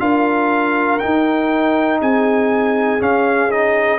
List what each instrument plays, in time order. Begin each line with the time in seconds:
0.00 tuba D4, trombone F4, horn A#4, trumpet F5
0.99 trombone D#4, tuba D#4, trumpet G5
2.01 tuba C4, horn G#4, trumpet G#5
3.00 trombone C#4, tuba C#4, trumpet F5
3.50 trombone D#4, trumpet D#5